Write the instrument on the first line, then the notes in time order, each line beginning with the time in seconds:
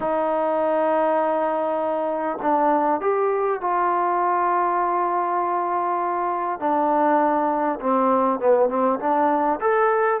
trombone
0.00 D#4
2.42 D4
3.00 G4
3.60 F4
6.59 D4
7.80 C4
8.39 B3
8.69 C4
8.99 D4
9.60 A4